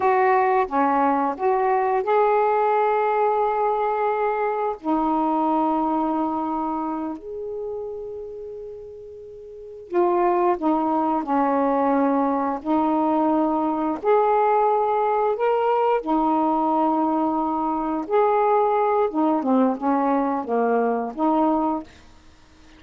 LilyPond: \new Staff \with { instrumentName = "saxophone" } { \time 4/4 \tempo 4 = 88 fis'4 cis'4 fis'4 gis'4~ | gis'2. dis'4~ | dis'2~ dis'8 gis'4.~ | gis'2~ gis'8 f'4 dis'8~ |
dis'8 cis'2 dis'4.~ | dis'8 gis'2 ais'4 dis'8~ | dis'2~ dis'8 gis'4. | dis'8 c'8 cis'4 ais4 dis'4 | }